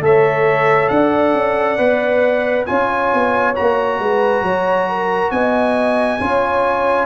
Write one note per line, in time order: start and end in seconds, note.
0.00 0.88 A3
0.00 1.78 A4
0.00 0.93 C#5
0.00 0.88 E5
0.88 1.34 D4
0.88 2.67 D5
0.88 2.65 F#5
1.34 1.78 C#4
1.78 2.66 B3
1.78 2.66 B4
2.65 3.13 C#4
2.65 3.54 F4
2.65 4.00 C#5
2.65 3.53 G#5
3.13 3.58 B3
3.55 3.99 A#3
3.55 6.19 F#4
3.55 5.31 A#5
3.99 4.42 G#3
3.99 4.44 B4
4.42 5.30 F#3
4.42 4.88 C#5
4.88 5.32 A#4
5.31 6.19 B3
5.31 6.20 D#5
5.31 7.06 G#5
6.20 7.06 C#4
6.20 7.06 F4
6.20 7.06 C#5